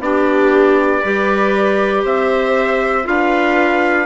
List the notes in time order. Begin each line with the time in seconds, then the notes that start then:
0.00 B3 D4 G4 D5
1.01 G3 G4 B4
2.04 C4 C5 E5
3.04 D4 F4 B4 F5